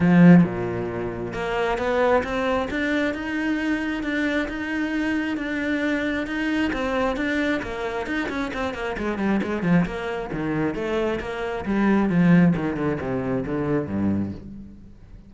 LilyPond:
\new Staff \with { instrumentName = "cello" } { \time 4/4 \tempo 4 = 134 f4 ais,2 ais4 | b4 c'4 d'4 dis'4~ | dis'4 d'4 dis'2 | d'2 dis'4 c'4 |
d'4 ais4 dis'8 cis'8 c'8 ais8 | gis8 g8 gis8 f8 ais4 dis4 | a4 ais4 g4 f4 | dis8 d8 c4 d4 g,4 | }